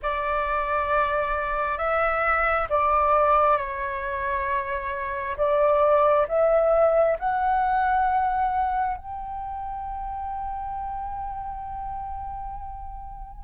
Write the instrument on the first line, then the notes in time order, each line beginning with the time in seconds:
flute
0.02 D5
1.77 E5
2.69 D5
3.57 C#5
5.37 D5
6.28 E5
7.19 F#5
8.97 G5